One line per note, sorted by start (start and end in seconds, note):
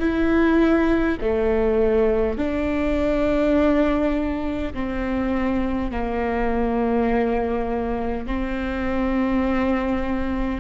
0.00 1.18 E4
1.21 2.38 A3
2.38 4.73 D4
4.73 5.91 C4
5.91 8.27 A#3
8.27 10.60 C4